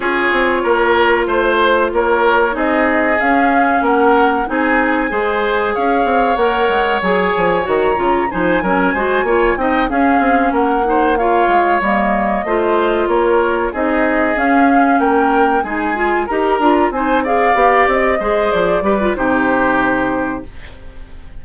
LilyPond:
<<
  \new Staff \with { instrumentName = "flute" } { \time 4/4 \tempo 4 = 94 cis''2 c''4 cis''4 | dis''4 f''4 fis''4 gis''4~ | gis''4 f''4 fis''4 gis''4 | ais''4 gis''2 g''8 f''8~ |
f''8 fis''4 f''4 dis''4.~ | dis''8 cis''4 dis''4 f''4 g''8~ | g''8 gis''4 ais''4 gis''8 f''4 | dis''4 d''4 c''2 | }
  \new Staff \with { instrumentName = "oboe" } { \time 4/4 gis'4 ais'4 c''4 ais'4 | gis'2 ais'4 gis'4 | c''4 cis''2.~ | cis''4 c''8 ais'8 c''8 cis''8 dis''8 gis'8~ |
gis'8 ais'8 c''8 cis''2 c''8~ | c''8 ais'4 gis'2 ais'8~ | ais'8 gis'4 ais'4 c''8 d''4~ | d''8 c''4 b'8 g'2 | }
  \new Staff \with { instrumentName = "clarinet" } { \time 4/4 f'1 | dis'4 cis'2 dis'4 | gis'2 ais'4 gis'4 | fis'8 f'8 dis'8 cis'8 fis'8 f'8 dis'8 cis'8~ |
cis'4 dis'8 f'4 ais4 f'8~ | f'4. dis'4 cis'4.~ | cis'8 dis'8 f'8 g'8 f'8 dis'8 gis'8 g'8~ | g'8 gis'4 g'16 f'16 dis'2 | }
  \new Staff \with { instrumentName = "bassoon" } { \time 4/4 cis'8 c'8 ais4 a4 ais4 | c'4 cis'4 ais4 c'4 | gis4 cis'8 c'8 ais8 gis8 fis8 f8 | dis8 cis8 f8 fis8 gis8 ais8 c'8 cis'8 |
c'8 ais4. gis8 g4 a8~ | a8 ais4 c'4 cis'4 ais8~ | ais8 gis4 dis'8 d'8 c'4 b8 | c'8 gis8 f8 g8 c2 | }
>>